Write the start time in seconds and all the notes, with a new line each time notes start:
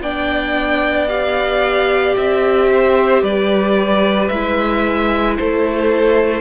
0.00 B3 D4 D5 G5
1.08 G4 F5
2.17 C4 E5
2.72 C5
3.22 G3 B4 D5
4.28 G#3 E4 E5
5.36 A3 A4 C5